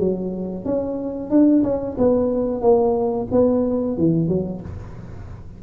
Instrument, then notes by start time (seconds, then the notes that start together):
tuba
0.00 F#3
0.65 C#4
1.31 D4
1.64 C#4
1.98 B3
2.62 A#3
3.32 B3
3.98 E3
4.29 F#3